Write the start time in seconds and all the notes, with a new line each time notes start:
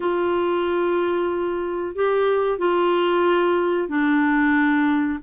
0.00 F4
1.95 G4
2.58 F4
3.88 D4